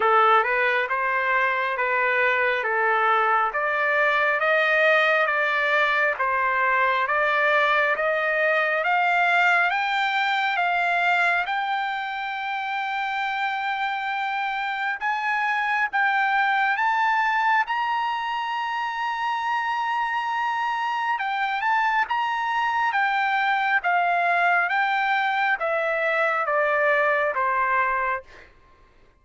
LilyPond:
\new Staff \with { instrumentName = "trumpet" } { \time 4/4 \tempo 4 = 68 a'8 b'8 c''4 b'4 a'4 | d''4 dis''4 d''4 c''4 | d''4 dis''4 f''4 g''4 | f''4 g''2.~ |
g''4 gis''4 g''4 a''4 | ais''1 | g''8 a''8 ais''4 g''4 f''4 | g''4 e''4 d''4 c''4 | }